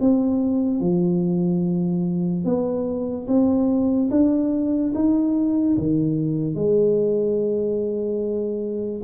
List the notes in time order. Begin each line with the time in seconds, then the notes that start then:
0.00 C4
0.80 F3
2.45 B3
3.27 C4
4.11 D4
4.95 D#4
5.77 D#3
6.55 G#3